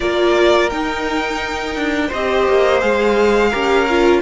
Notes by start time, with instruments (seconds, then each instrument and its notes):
0.00 cello A#3, viola F4, violin A#4 D5
0.69 viola D#4, cello D#4, violin G5
1.75 cello D4
2.08 cello C4, violin C5 D#5
2.14 viola G4
2.48 cello A#3
2.81 cello G#3, viola G#4, violin F5
3.49 cello C#4, viola G4, violin A#4
3.89 viola F4